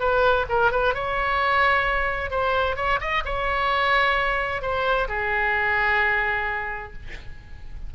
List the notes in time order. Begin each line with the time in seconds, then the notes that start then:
0.00 B4
0.49 A#4
0.72 B4
0.94 C#5
2.31 C5
2.76 C#5
3.01 D#5
3.25 C#5
4.62 C5
5.09 G#4